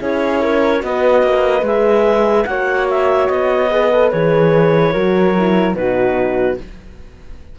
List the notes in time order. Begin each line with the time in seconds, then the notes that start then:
0.00 C#4 E4 G#4 C#5
0.41 A#4
0.79 B3 F#4 D#5
0.86 B4
1.23 A#3
1.63 G#3 G#4 E5
2.45 A#3 F#4 C#5 F#5
2.90 E5
3.28 B3 D#5
3.71 G#4 B4
3.92 A4
4.11 E3 G#4 C#5
4.94 F#3 F#4 A#4
5.38 E4
5.75 B2 D#4 F#4 B4